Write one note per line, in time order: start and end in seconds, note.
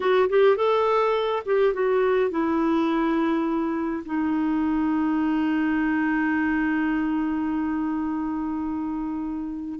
0.00 0.29 F#4
0.29 0.56 G4
0.56 1.42 A4
1.45 1.73 G4
1.73 2.30 F#4
2.30 4.03 E4
4.05 9.79 D#4